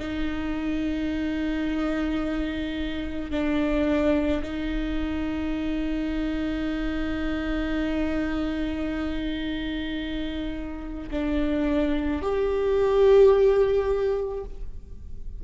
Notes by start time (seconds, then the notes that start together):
0.00 D#4
3.31 D4
4.43 D#4
11.11 D4
12.22 G4